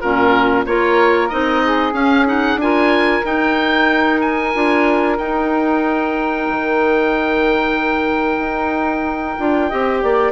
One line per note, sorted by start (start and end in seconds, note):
0.00 0.67 A#2
0.00 0.67 C#4
0.00 0.65 F4
0.00 0.65 A#4
0.66 1.31 A#3
0.66 1.30 F4
0.66 1.64 A#4
0.66 1.29 C#5
1.29 1.93 C4
1.29 1.92 D#4
1.29 1.94 D#5
1.64 2.61 G#4
1.92 2.25 C#4
1.92 2.56 C#4
1.92 2.27 F5
2.25 2.58 D#4
2.25 2.61 F#5
2.56 3.21 D4
2.56 3.24 F4
2.56 3.26 G#5
2.62 9.69 A#4
3.24 4.53 D#4
3.24 4.54 D#4
3.24 4.21 G5
4.21 5.18 G#5
4.55 5.19 D4
4.55 5.19 F4
5.18 6.48 D#4
5.18 9.39 D#4
5.18 10.33 G5
6.49 8.39 D#3
8.39 9.35 D#4
9.39 9.72 D4
9.39 9.71 F4
9.69 10.03 C4
9.69 10.33 G4
9.69 10.01 D#5
10.02 10.33 A#3
10.02 10.33 D5